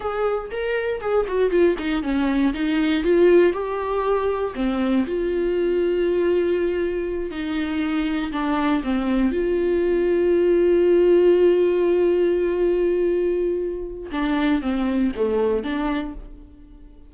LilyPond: \new Staff \with { instrumentName = "viola" } { \time 4/4 \tempo 4 = 119 gis'4 ais'4 gis'8 fis'8 f'8 dis'8 | cis'4 dis'4 f'4 g'4~ | g'4 c'4 f'2~ | f'2~ f'8 dis'4.~ |
dis'8 d'4 c'4 f'4.~ | f'1~ | f'1 | d'4 c'4 a4 d'4 | }